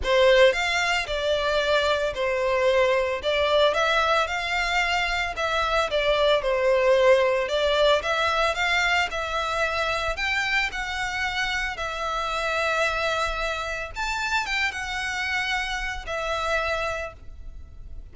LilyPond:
\new Staff \with { instrumentName = "violin" } { \time 4/4 \tempo 4 = 112 c''4 f''4 d''2 | c''2 d''4 e''4 | f''2 e''4 d''4 | c''2 d''4 e''4 |
f''4 e''2 g''4 | fis''2 e''2~ | e''2 a''4 g''8 fis''8~ | fis''2 e''2 | }